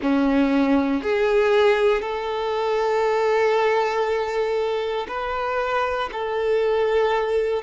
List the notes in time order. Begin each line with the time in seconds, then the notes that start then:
0.02 C#4
1.02 G#4
2.01 A4
5.08 B4
6.12 A4